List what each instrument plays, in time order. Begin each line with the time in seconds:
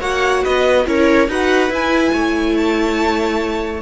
0.00 cello A#3, viola F#4 C#5, violin F#5
0.43 cello B3, viola B4, violin D#5
0.86 cello C#4, viola E4 A#4, violin C#5
1.28 cello D#4, viola F#4 B4, violin F#5
1.70 cello E4, viola E4, violin G#5
2.13 cello A3, viola C#5
2.57 violin A5